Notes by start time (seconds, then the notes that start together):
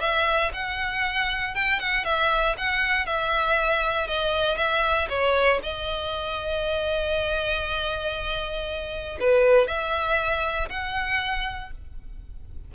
0.00 E5
0.53 F#5
1.55 G5
1.79 F#5
2.04 E5
2.57 F#5
3.06 E5
4.07 D#5
4.57 E5
5.09 C#5
5.62 D#5
9.19 B4
9.67 E5
10.69 F#5